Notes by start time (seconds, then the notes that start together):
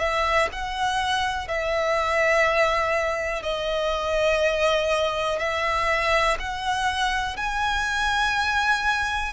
0.00 E5
0.52 F#5
1.48 E5
3.43 D#5
5.39 E5
6.40 F#5
7.37 G#5